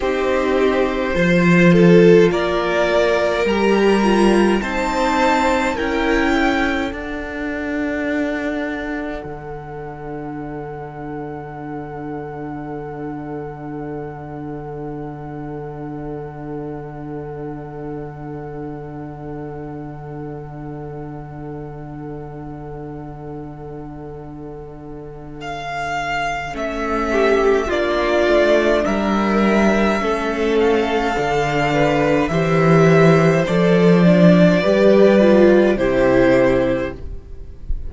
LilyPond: <<
  \new Staff \with { instrumentName = "violin" } { \time 4/4 \tempo 4 = 52 c''2 d''4 ais''4 | a''4 g''4 fis''2~ | fis''1~ | fis''1~ |
fis''1~ | fis''2 f''4 e''4 | d''4 e''4. f''4. | e''4 d''2 c''4 | }
  \new Staff \with { instrumentName = "violin" } { \time 4/4 g'4 c''8 a'8 ais'2 | c''4 ais'8 a'2~ a'8~ | a'1~ | a'1~ |
a'1~ | a'2.~ a'8 g'8 | f'4 ais'4 a'4. b'8 | c''2 b'4 g'4 | }
  \new Staff \with { instrumentName = "viola" } { \time 4/4 dis'4 f'2 g'8 f'8 | dis'4 e'4 d'2~ | d'1~ | d'1~ |
d'1~ | d'2. cis'4 | d'2 cis'4 d'4 | g'4 a'8 d'8 g'8 f'8 e'4 | }
  \new Staff \with { instrumentName = "cello" } { \time 4/4 c'4 f4 ais4 g4 | c'4 cis'4 d'2 | d1~ | d1~ |
d1~ | d2. a4 | ais8 a8 g4 a4 d4 | e4 f4 g4 c4 | }
>>